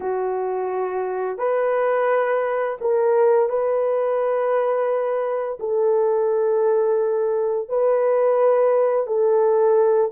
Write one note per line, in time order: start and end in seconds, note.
0.00 1.38 F#4
1.38 2.77 B4
2.80 3.49 A#4
3.49 5.58 B4
5.59 7.68 A4
7.68 9.06 B4
9.06 10.11 A4